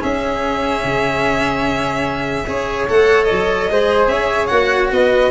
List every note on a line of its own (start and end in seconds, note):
0.00 2.45 C#4
0.00 0.84 C#4
0.00 2.46 G#4
0.00 2.89 E5
0.84 2.47 C#3
2.47 2.89 C#4
2.47 2.88 G#4
2.47 3.71 C#5
2.88 3.31 A3
2.88 3.70 A4
2.88 3.24 F#5
3.24 4.06 D#5
3.31 3.70 F#3
3.70 4.08 G#3
3.70 4.50 G#4
3.70 4.11 C5
4.08 4.48 C#4
4.08 4.93 C#5
4.08 4.47 E5
4.47 4.92 A#3
4.47 5.31 F#4
4.47 4.88 F#5
4.92 5.31 B3
4.92 5.31 B4
4.92 5.31 D#5